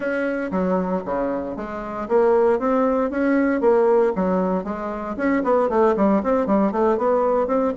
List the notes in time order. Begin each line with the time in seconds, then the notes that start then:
0.00 C#4
0.51 F#3
1.05 C#3
1.56 G#3
2.08 A#3
2.59 C4
3.10 C#4
3.60 A#3
4.15 F#3
4.64 G#3
5.16 C#4
5.43 B3
5.69 A3
5.96 G3
6.23 C4
6.46 G3
6.71 A3
6.97 B3
7.47 C4